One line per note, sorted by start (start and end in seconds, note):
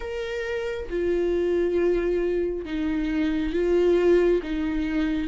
0.00 0.88 A#4
0.89 2.65 F4
2.65 3.53 D#4
3.53 4.41 F4
4.42 5.28 D#4